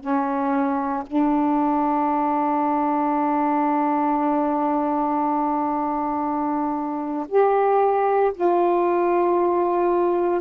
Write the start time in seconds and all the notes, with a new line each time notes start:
0.00 C#4
1.07 D4
7.28 G4
8.34 F4